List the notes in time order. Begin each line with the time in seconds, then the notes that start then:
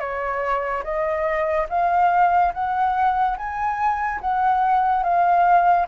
0.00 C#5
0.84 D#5
1.70 F5
2.54 F#5
3.37 G#5
4.21 F#5
5.03 F5